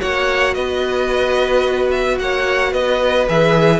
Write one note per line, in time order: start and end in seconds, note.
0.00 0.56 A#3
0.00 3.27 F#4
0.00 0.55 C#5
0.00 0.54 F#5
0.54 2.19 B3
0.54 2.19 B4
0.54 1.90 D#5
1.91 2.18 E5
2.19 2.73 A#3
2.19 2.72 C#5
2.19 2.73 F#5
2.72 3.28 B3
2.72 3.80 B4
2.72 3.28 D#5
3.28 3.80 E3
3.28 3.80 G#4
3.28 3.80 E5